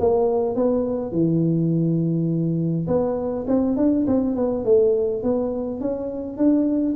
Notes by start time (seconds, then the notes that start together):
0.00 A#3
0.56 B3
1.12 E3
2.88 B3
3.48 C4
3.77 D4
4.07 C4
4.36 B3
4.65 A3
5.23 B3
5.81 C#4
6.38 D4